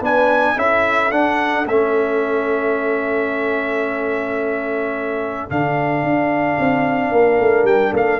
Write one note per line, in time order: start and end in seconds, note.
0.00 0.55 B3
0.00 0.56 D4
0.00 0.55 B4
0.00 0.58 G#5
0.55 1.11 C#4
0.55 1.10 E4
0.55 7.09 A4
0.55 1.11 E5
1.11 1.65 D4
1.11 1.66 D4
1.11 1.66 F#5
1.65 5.47 A3
1.65 5.49 C#4
1.65 5.49 E5
5.49 6.03 D3
5.49 8.19 D4
5.49 7.66 F5
6.03 6.57 D4
6.59 7.11 C4
7.11 7.38 A#3
7.11 7.92 A#4
7.39 7.63 A3
7.63 7.90 G3
7.63 7.93 G5
7.92 8.19 A#3
7.92 8.19 A4
7.92 8.19 F5